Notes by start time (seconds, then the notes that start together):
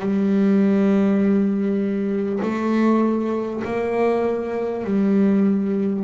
0.00 G3
2.43 A3
3.65 A#3
4.85 G3